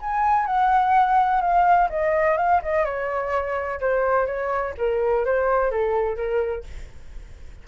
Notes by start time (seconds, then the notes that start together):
0.00 G#5
0.46 F#5
1.41 F5
1.90 D#5
2.38 F5
2.63 D#5
2.85 C#5
3.81 C5
4.27 C#5
4.78 A#4
5.26 C5
5.71 A4
6.16 A#4